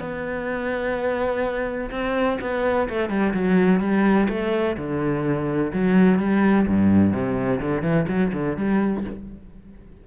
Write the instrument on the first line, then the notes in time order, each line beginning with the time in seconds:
cello
0.00 B3
1.91 C4
2.41 B3
2.89 A3
3.10 G3
3.34 F#3
3.80 G3
4.29 A3
4.77 D3
5.73 F#3
6.19 G3
6.68 G2
7.13 C3
7.61 D3
7.83 E3
8.08 F#3
8.33 D3
8.57 G3